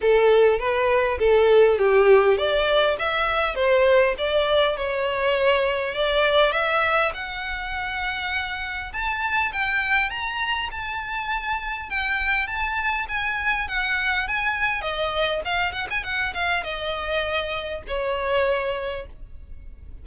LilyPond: \new Staff \with { instrumentName = "violin" } { \time 4/4 \tempo 4 = 101 a'4 b'4 a'4 g'4 | d''4 e''4 c''4 d''4 | cis''2 d''4 e''4 | fis''2. a''4 |
g''4 ais''4 a''2 | g''4 a''4 gis''4 fis''4 | gis''4 dis''4 f''8 fis''16 gis''16 fis''8 f''8 | dis''2 cis''2 | }